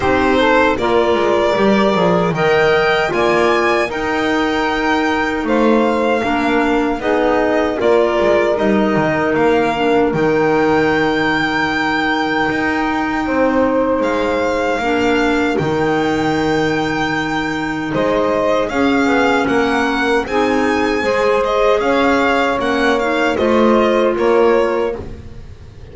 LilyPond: <<
  \new Staff \with { instrumentName = "violin" } { \time 4/4 \tempo 4 = 77 c''4 d''2 g''4 | gis''4 g''2 f''4~ | f''4 dis''4 d''4 dis''4 | f''4 g''2.~ |
g''2 f''2 | g''2. dis''4 | f''4 fis''4 gis''4. dis''8 | f''4 fis''8 f''8 dis''4 cis''4 | }
  \new Staff \with { instrumentName = "saxophone" } { \time 4/4 g'8 a'8 ais'2 dis''4 | d''4 ais'2 c''4 | ais'4 gis'4 ais'2~ | ais'1~ |
ais'4 c''2 ais'4~ | ais'2. c''4 | gis'4 ais'4 gis'4 c''4 | cis''2 c''4 ais'4 | }
  \new Staff \with { instrumentName = "clarinet" } { \time 4/4 dis'4 f'4 g'8 gis'8 ais'4 | f'4 dis'2. | d'4 dis'4 f'4 dis'4~ | dis'8 d'8 dis'2.~ |
dis'2. d'4 | dis'1 | cis'2 dis'4 gis'4~ | gis'4 cis'8 dis'8 f'2 | }
  \new Staff \with { instrumentName = "double bass" } { \time 4/4 c'4 ais8 gis8 g8 f8 dis4 | ais4 dis'2 a4 | ais4 b4 ais8 gis8 g8 dis8 | ais4 dis2. |
dis'4 c'4 gis4 ais4 | dis2. gis4 | cis'8 b8 ais4 c'4 gis4 | cis'4 ais4 a4 ais4 | }
>>